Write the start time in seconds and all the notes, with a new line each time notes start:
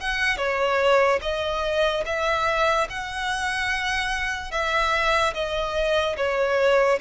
0.00 F#5
0.37 C#5
1.21 D#5
2.05 E5
2.89 F#5
4.51 E5
5.33 D#5
6.17 C#5